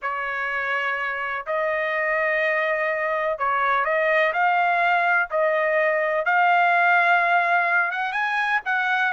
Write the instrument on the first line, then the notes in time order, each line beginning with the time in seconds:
trumpet
0.02 C#5
1.46 D#5
3.38 C#5
3.84 D#5
4.33 F5
5.30 D#5
6.25 F5
7.91 F#5
8.12 G#5
8.65 F#5